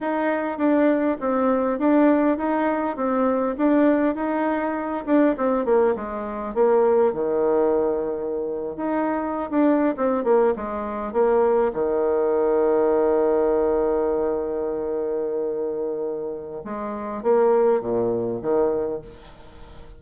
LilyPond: \new Staff \with { instrumentName = "bassoon" } { \time 4/4 \tempo 4 = 101 dis'4 d'4 c'4 d'4 | dis'4 c'4 d'4 dis'4~ | dis'8 d'8 c'8 ais8 gis4 ais4 | dis2~ dis8. dis'4~ dis'16 |
d'8. c'8 ais8 gis4 ais4 dis16~ | dis1~ | dis1 | gis4 ais4 ais,4 dis4 | }